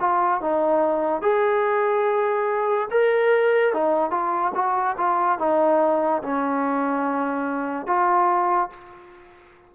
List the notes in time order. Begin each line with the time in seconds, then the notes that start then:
0.00 F4
0.41 D#4
1.22 G#4
2.91 A#4
3.74 D#4
4.11 F4
4.55 F#4
4.98 F4
5.39 D#4
6.23 C#4
7.87 F4